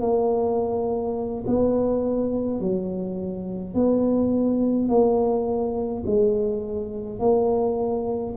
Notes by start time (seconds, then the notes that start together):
0.00 A#3
1.47 B3
2.60 F#3
3.74 B3
4.88 A#3
6.06 G#3
7.20 A#3